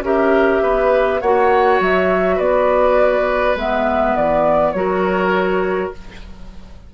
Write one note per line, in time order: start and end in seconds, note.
0.00 0.59 C#4
0.00 1.21 G4
0.00 0.62 A#4
0.00 1.21 E5
0.62 1.20 B3
0.62 1.21 B4
1.21 1.79 A#3
1.21 3.58 F#4
1.21 2.35 C#5
1.21 1.79 F#5
1.79 2.38 F#3
1.79 2.39 E5
2.35 3.55 B3
2.35 4.71 B4
2.35 3.56 D5
3.55 4.13 G#3
3.55 4.75 B3
3.55 4.16 E5
4.16 4.73 E3
4.16 4.72 D5
4.72 5.91 F#3
4.72 5.93 F#4
4.72 5.94 A#4
4.72 5.89 C#5